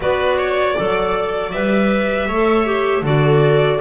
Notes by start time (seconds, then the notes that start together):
0.00 B3 F#4 B4 D5
0.37 C#5
0.75 F#3 A4 D5
1.51 G3 B4 E5
2.27 A3 A4 C#5
2.65 G4
3.02 D3 F#4 A4 D5